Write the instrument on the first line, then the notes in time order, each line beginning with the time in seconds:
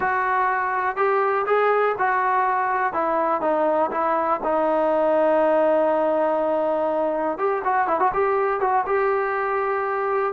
trombone
0.00 F#4
0.96 G4
1.46 G#4
1.98 F#4
2.93 E4
3.41 D#4
3.91 E4
4.43 D#4
7.37 G4
7.64 F#4
7.87 E4
7.99 F#4
8.13 G4
8.60 F#4
8.85 G4